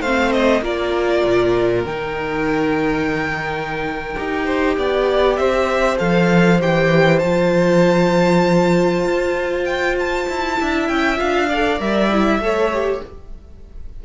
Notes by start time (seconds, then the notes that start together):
0.00 A3 C4 C5 F5
0.32 D#5
0.61 A#3 F4 A#4 D5
1.25 A#2
1.85 D#3 D#4 G5
4.16 D#4 G4
4.45 C5
4.77 B3 D5
5.36 C4 C5 E5
5.97 F3 A4 F5
6.60 E3 G4 G5
7.19 F3 F4 A5
9.04 F4
9.65 G5
9.99 A5
10.29 E4
10.57 D4 E4 E5
10.88 C#4 G5
11.17 D4 F4 F5
11.49 A4 D5
11.79 G3 A#4 E5
12.12 E4
12.39 A3 A4 C#5
12.73 G4